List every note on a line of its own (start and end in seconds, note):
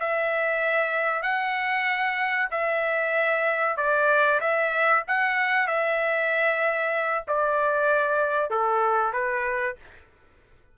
0.00 1.23 E5
1.23 2.49 F#5
2.51 3.77 E5
3.77 4.40 D5
4.41 5.04 E5
5.08 5.67 F#5
5.67 7.25 E5
7.28 8.51 D5
8.51 9.13 A4
9.13 9.76 B4